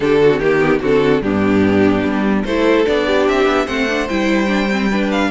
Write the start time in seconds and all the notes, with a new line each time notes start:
0.00 D3 D4 G4 A4
0.21 F#4
0.31 C4
0.39 D#3 A#3 G4
0.59 B3
0.81 D3 C4 F#4 A4
1.21 G2 B3 D4 G4
2.03 G3
2.44 A3 E4 A4 C5
2.85 B3 D4 D5
3.07 G4
3.28 C4 E5
3.45 B3
3.66 A3 C4 C5 F#5
3.88 D4
4.08 G3 E4 G5
4.47 D4
4.70 C4
4.90 D4 B4
5.11 F5